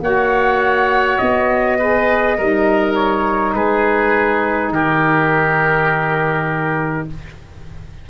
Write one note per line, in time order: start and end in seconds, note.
0.00 1.18 A#3
0.00 1.79 F#4
0.00 1.78 C#5
0.00 1.18 F#5
1.18 2.38 B3
1.18 2.94 D#5
1.78 2.38 G#4
1.78 2.37 B4
2.37 3.55 G3
2.37 7.09 D#4
2.37 3.55 A#4
2.95 3.54 C#5
3.54 4.70 G#3
3.54 4.73 G#4
3.54 4.72 B4
4.70 7.05 D#3
4.70 7.09 G4
4.70 7.08 A#4